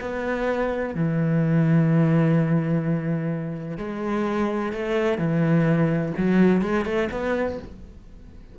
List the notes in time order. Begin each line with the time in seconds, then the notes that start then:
0.00 B3
0.94 E3
3.78 G#3
4.72 A3
5.18 E3
6.17 F#3
6.61 G#3
6.85 A3
7.11 B3